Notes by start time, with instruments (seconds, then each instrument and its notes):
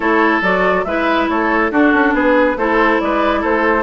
0.00 bassoon A3, clarinet E4, oboe A4, flute C#5
0.41 bassoon F#3, clarinet F#4, flute D5
0.84 bassoon G#3, clarinet E4, oboe B4, flute E5
1.28 bassoon A3, oboe A4, flute C#5
1.71 bassoon D4, clarinet D4, oboe F#4, flute A4
1.93 bassoon C#4
2.13 bassoon B3, oboe G#4, flute B4
2.56 bassoon A3, clarinet E4, oboe A4, flute C5
3.00 bassoon G#3, oboe B4, flute D5
3.40 bassoon A3, oboe A4, flute C5